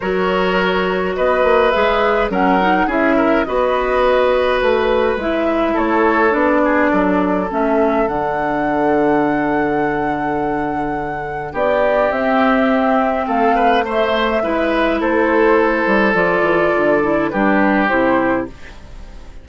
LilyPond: <<
  \new Staff \with { instrumentName = "flute" } { \time 4/4 \tempo 4 = 104 cis''2 dis''4 e''4 | fis''4 e''4 dis''2 | b'4 e''4 cis''4 d''4~ | d''4 e''4 fis''2~ |
fis''1 | d''4 e''2 f''4 | e''2 c''2 | d''2 b'4 c''4 | }
  \new Staff \with { instrumentName = "oboe" } { \time 4/4 ais'2 b'2 | ais'4 gis'8 ais'8 b'2~ | b'2 a'4. gis'8 | a'1~ |
a'1 | g'2. a'8 b'8 | c''4 b'4 a'2~ | a'2 g'2 | }
  \new Staff \with { instrumentName = "clarinet" } { \time 4/4 fis'2. gis'4 | cis'8 dis'8 e'4 fis'2~ | fis'4 e'2 d'4~ | d'4 cis'4 d'2~ |
d'1~ | d'4 c'2. | a4 e'2. | f'4. e'8 d'4 e'4 | }
  \new Staff \with { instrumentName = "bassoon" } { \time 4/4 fis2 b8 ais8 gis4 | fis4 cis'4 b2 | a4 gis4 a4 b4 | fis4 a4 d2~ |
d1 | b4 c'2 a4~ | a4 gis4 a4. g8 | f8 e8 d4 g4 c4 | }
>>